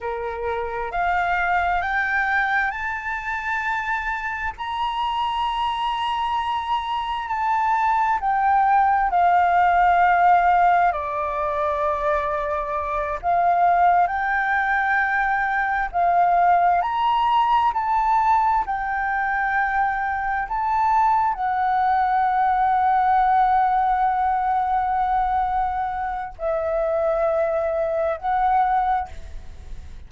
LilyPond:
\new Staff \with { instrumentName = "flute" } { \time 4/4 \tempo 4 = 66 ais'4 f''4 g''4 a''4~ | a''4 ais''2. | a''4 g''4 f''2 | d''2~ d''8 f''4 g''8~ |
g''4. f''4 ais''4 a''8~ | a''8 g''2 a''4 fis''8~ | fis''1~ | fis''4 e''2 fis''4 | }